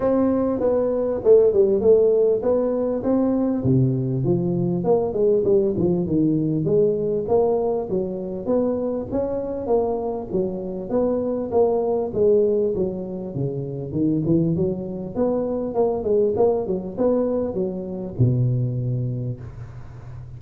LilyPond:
\new Staff \with { instrumentName = "tuba" } { \time 4/4 \tempo 4 = 99 c'4 b4 a8 g8 a4 | b4 c'4 c4 f4 | ais8 gis8 g8 f8 dis4 gis4 | ais4 fis4 b4 cis'4 |
ais4 fis4 b4 ais4 | gis4 fis4 cis4 dis8 e8 | fis4 b4 ais8 gis8 ais8 fis8 | b4 fis4 b,2 | }